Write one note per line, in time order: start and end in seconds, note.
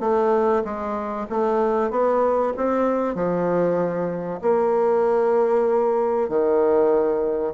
0.00 0.62 A3
0.64 1.27 G#3
1.29 1.90 A3
1.90 2.53 B3
2.57 3.15 C4
3.15 4.40 F3
4.41 6.28 A#3
6.28 7.53 D#3